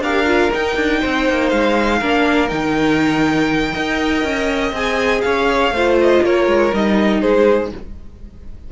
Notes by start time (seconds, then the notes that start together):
0.00 D4 G4 A#4 F5
0.26 F4
0.53 D#4 G5
0.76 D4
1.00 C4 C5
1.30 A#3
1.49 G#3 F5
1.99 A#3 D4 A#4
2.49 D#3 D#4 G5
3.73 D#4 A#4 D#5
4.24 C#4
4.72 C4 G#4 G#5
5.22 C#4 C#5 F5
5.71 A3 C5
5.77 F4
6.01 D#5
6.22 A#3 A#4 C#5
6.47 G#3
6.73 G3 D#4 D#5
7.21 G#3 G#4 C5